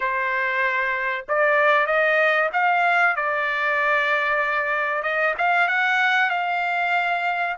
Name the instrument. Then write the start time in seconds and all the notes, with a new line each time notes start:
trumpet
0.00 C5
1.28 D5
1.86 D#5
2.53 F5
3.16 D5
5.02 D#5
5.38 F5
5.68 F#5
6.30 F5